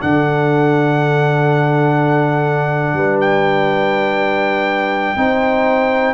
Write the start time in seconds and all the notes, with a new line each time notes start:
0.00 D3 D4 A4 F#5
2.93 G3 B4
3.20 G5
5.16 C4 D#4 C5